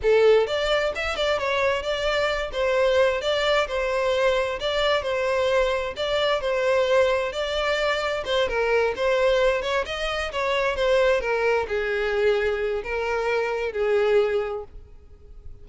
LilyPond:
\new Staff \with { instrumentName = "violin" } { \time 4/4 \tempo 4 = 131 a'4 d''4 e''8 d''8 cis''4 | d''4. c''4. d''4 | c''2 d''4 c''4~ | c''4 d''4 c''2 |
d''2 c''8 ais'4 c''8~ | c''4 cis''8 dis''4 cis''4 c''8~ | c''8 ais'4 gis'2~ gis'8 | ais'2 gis'2 | }